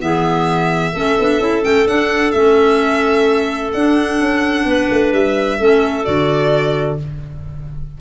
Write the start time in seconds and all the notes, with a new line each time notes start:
0.00 E3 B3 G#4 E5
0.93 A3 C#4 A4
1.19 B3 D4
1.40 C#4 E4
1.62 A3 C#4 G5
1.87 D4 F#5
2.31 A3 C#4 E5
3.73 D4 F#5
4.21 C#4
4.66 B3 B4
4.91 A3
5.13 G3 E5
5.59 A3 C#4 A4
6.04 D3 F#4 D5